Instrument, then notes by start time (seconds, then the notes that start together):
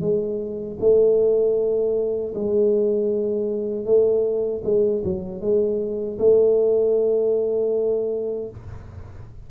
tuba
0.00 G#3
0.79 A3
2.34 G#3
3.85 A3
4.64 G#3
5.04 F#3
5.41 G#3
6.19 A3